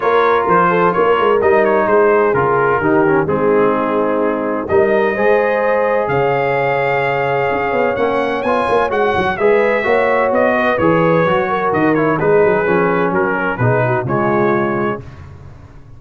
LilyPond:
<<
  \new Staff \with { instrumentName = "trumpet" } { \time 4/4 \tempo 4 = 128 cis''4 c''4 cis''4 dis''8 cis''8 | c''4 ais'2 gis'4~ | gis'2 dis''2~ | dis''4 f''2.~ |
f''4 fis''4 gis''4 fis''4 | e''2 dis''4 cis''4~ | cis''4 dis''8 cis''8 b'2 | ais'4 b'4 cis''2 | }
  \new Staff \with { instrumentName = "horn" } { \time 4/4 ais'4. a'8 ais'2 | gis'2 g'4 dis'4~ | dis'2 ais'4 c''4~ | c''4 cis''2.~ |
cis''1 | b'4 cis''4. b'4.~ | b'8 ais'4. gis'2 | fis'8 ais'8 gis'8 fis'8 f'2 | }
  \new Staff \with { instrumentName = "trombone" } { \time 4/4 f'2. dis'4~ | dis'4 f'4 dis'8 cis'8 c'4~ | c'2 dis'4 gis'4~ | gis'1~ |
gis'4 cis'4 f'4 fis'4 | gis'4 fis'2 gis'4 | fis'4. e'8 dis'4 cis'4~ | cis'4 dis'4 gis2 | }
  \new Staff \with { instrumentName = "tuba" } { \time 4/4 ais4 f4 ais8 gis8 g4 | gis4 cis4 dis4 gis4~ | gis2 g4 gis4~ | gis4 cis2. |
cis'8 b8 ais4 b8 ais8 gis8 fis8 | gis4 ais4 b4 e4 | fis4 dis4 gis8 fis8 f4 | fis4 b,4 cis2 | }
>>